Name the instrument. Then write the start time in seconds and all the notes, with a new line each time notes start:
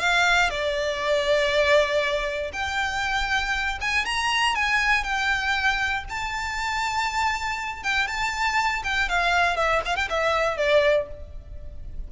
violin
0.00 F5
0.50 D5
2.53 G5
3.81 G#5
4.05 A#5
4.55 G#5
5.04 G5
6.09 A5
7.83 G5
8.07 A5
8.84 G5
9.09 F5
9.57 E5
9.85 F5
9.96 G5
10.10 E5
10.57 D5